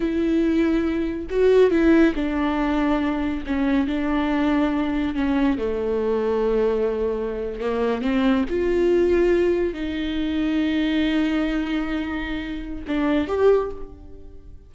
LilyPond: \new Staff \with { instrumentName = "viola" } { \time 4/4 \tempo 4 = 140 e'2. fis'4 | e'4 d'2. | cis'4 d'2. | cis'4 a2.~ |
a4.~ a16 ais4 c'4 f'16~ | f'2~ f'8. dis'4~ dis'16~ | dis'1~ | dis'2 d'4 g'4 | }